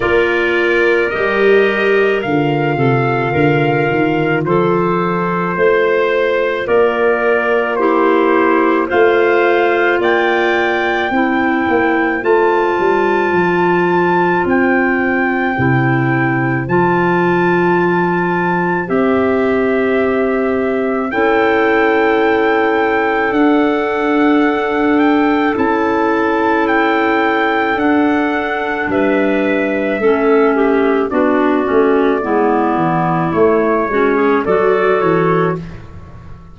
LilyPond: <<
  \new Staff \with { instrumentName = "trumpet" } { \time 4/4 \tempo 4 = 54 d''4 dis''4 f''2 | c''2 d''4 c''4 | f''4 g''2 a''4~ | a''4 g''2 a''4~ |
a''4 e''2 g''4~ | g''4 fis''4. g''8 a''4 | g''4 fis''4 e''2 | d''2 cis''4 d''8 cis''8 | }
  \new Staff \with { instrumentName = "clarinet" } { \time 4/4 ais'2~ ais'8 a'8 ais'4 | a'4 c''4 ais'4 g'4 | c''4 d''4 c''2~ | c''1~ |
c''2. a'4~ | a'1~ | a'2 b'4 a'8 g'8 | fis'4 e'4. fis'16 gis'16 a'4 | }
  \new Staff \with { instrumentName = "clarinet" } { \time 4/4 f'4 g'4 f'2~ | f'2. e'4 | f'2 e'4 f'4~ | f'2 e'4 f'4~ |
f'4 g'2 e'4~ | e'4 d'2 e'4~ | e'4 d'2 cis'4 | d'8 cis'8 b4 a8 cis'8 fis'4 | }
  \new Staff \with { instrumentName = "tuba" } { \time 4/4 ais4 g4 d8 c8 d8 dis8 | f4 a4 ais2 | a4 ais4 c'8 ais8 a8 g8 | f4 c'4 c4 f4~ |
f4 c'2 cis'4~ | cis'4 d'2 cis'4~ | cis'4 d'4 g4 a4 | b8 a8 gis8 e8 a8 gis8 fis8 e8 | }
>>